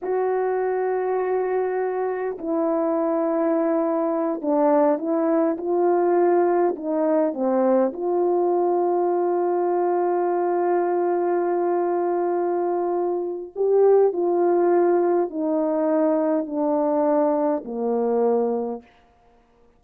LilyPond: \new Staff \with { instrumentName = "horn" } { \time 4/4 \tempo 4 = 102 fis'1 | e'2.~ e'8 d'8~ | d'8 e'4 f'2 dis'8~ | dis'8 c'4 f'2~ f'8~ |
f'1~ | f'2. g'4 | f'2 dis'2 | d'2 ais2 | }